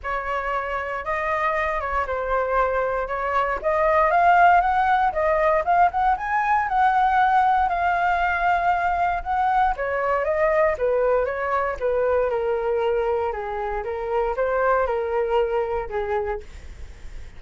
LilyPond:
\new Staff \with { instrumentName = "flute" } { \time 4/4 \tempo 4 = 117 cis''2 dis''4. cis''8 | c''2 cis''4 dis''4 | f''4 fis''4 dis''4 f''8 fis''8 | gis''4 fis''2 f''4~ |
f''2 fis''4 cis''4 | dis''4 b'4 cis''4 b'4 | ais'2 gis'4 ais'4 | c''4 ais'2 gis'4 | }